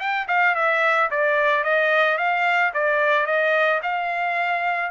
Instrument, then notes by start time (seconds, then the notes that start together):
trumpet
0.00 G5
0.28 F5
0.55 E5
1.11 D5
1.64 D#5
2.18 F5
2.74 D5
3.26 D#5
3.83 F5